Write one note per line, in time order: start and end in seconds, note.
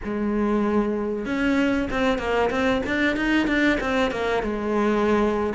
0.03 1.25 G#3
1.25 1.89 C#4
1.90 2.18 C4
2.18 2.49 A#3
2.50 2.81 C4
2.86 3.16 D4
3.16 3.47 D#4
3.47 3.78 D4
3.80 4.11 C4
4.11 4.42 A#3
4.42 5.53 G#3